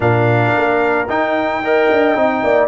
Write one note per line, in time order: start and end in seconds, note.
0.00 0.52 A#2
0.00 1.07 D4
0.00 1.62 A#4
0.00 1.09 F5
0.56 1.08 A#3
1.08 1.89 D#4
1.08 1.63 D#4
1.08 2.67 G5
1.63 2.15 A#4
1.63 2.44 D#5
1.90 2.15 D4
2.15 2.42 C4
2.15 2.67 D#4
2.43 2.67 A#3
2.43 2.67 D5